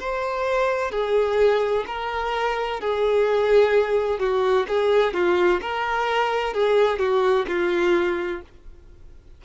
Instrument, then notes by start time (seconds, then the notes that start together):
violin
0.00 C5
0.91 G#4
1.87 A#4
2.80 G#4
4.19 F#4
4.68 G#4
5.13 F4
5.61 A#4
6.54 G#4
6.99 F#4
7.47 F4